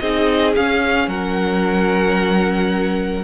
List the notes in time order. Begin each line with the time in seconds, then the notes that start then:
0.00 C4 D#4 G#4 D#5
0.56 C#4 F5
1.08 F#3 A#4 F#5